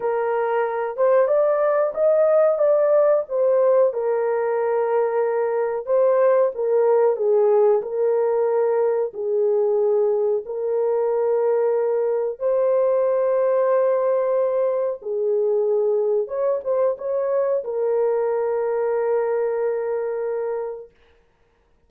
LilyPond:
\new Staff \with { instrumentName = "horn" } { \time 4/4 \tempo 4 = 92 ais'4. c''8 d''4 dis''4 | d''4 c''4 ais'2~ | ais'4 c''4 ais'4 gis'4 | ais'2 gis'2 |
ais'2. c''4~ | c''2. gis'4~ | gis'4 cis''8 c''8 cis''4 ais'4~ | ais'1 | }